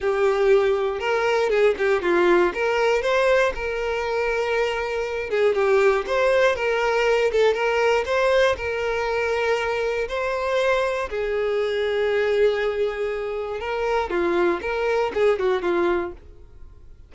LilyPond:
\new Staff \with { instrumentName = "violin" } { \time 4/4 \tempo 4 = 119 g'2 ais'4 gis'8 g'8 | f'4 ais'4 c''4 ais'4~ | ais'2~ ais'8 gis'8 g'4 | c''4 ais'4. a'8 ais'4 |
c''4 ais'2. | c''2 gis'2~ | gis'2. ais'4 | f'4 ais'4 gis'8 fis'8 f'4 | }